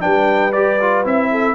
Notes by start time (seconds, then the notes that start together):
0.00 G3 D4 B4 G5
0.52 G4 D5
0.80 F4
1.04 C4 E4 E5
1.31 A4